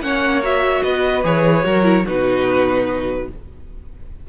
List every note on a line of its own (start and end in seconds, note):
0.00 0.81 A#3
0.00 0.42 C#4
0.00 0.84 C#5
0.00 0.42 F#5
0.43 1.23 F#4
0.43 0.83 E5
0.83 1.24 B3
0.83 1.65 B4
0.83 1.23 D#5
1.23 1.64 E3
1.23 1.64 G#4
1.23 2.06 C#5
1.64 2.06 F#3
1.64 1.83 F#4
1.64 2.05 A#4
1.83 2.03 E4
2.05 3.29 B2
2.05 3.29 D#4
2.05 3.27 F#4
2.05 3.28 B4